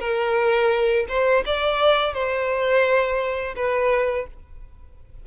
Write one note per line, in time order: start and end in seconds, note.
0.00 1.06 A#4
1.09 1.44 C5
1.46 2.14 D5
2.14 3.55 C5
3.56 4.27 B4